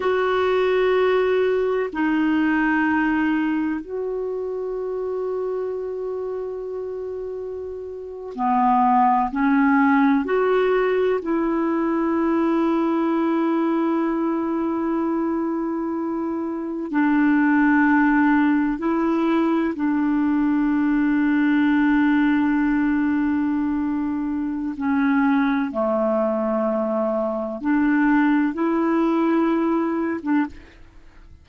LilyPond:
\new Staff \with { instrumentName = "clarinet" } { \time 4/4 \tempo 4 = 63 fis'2 dis'2 | fis'1~ | fis'8. b4 cis'4 fis'4 e'16~ | e'1~ |
e'4.~ e'16 d'2 e'16~ | e'8. d'2.~ d'16~ | d'2 cis'4 a4~ | a4 d'4 e'4.~ e'16 d'16 | }